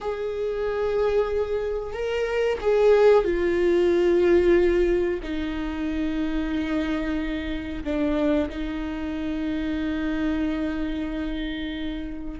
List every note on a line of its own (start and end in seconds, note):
0.00 1.93 G#4
1.93 2.58 A#4
2.60 3.24 G#4
3.24 5.20 F4
5.22 7.83 D#4
7.83 8.49 D4
8.49 12.39 D#4